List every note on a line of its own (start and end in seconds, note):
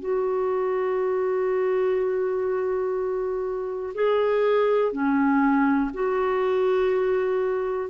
0.00 3.93 F#4
3.94 4.92 G#4
4.92 5.91 C#4
5.94 7.90 F#4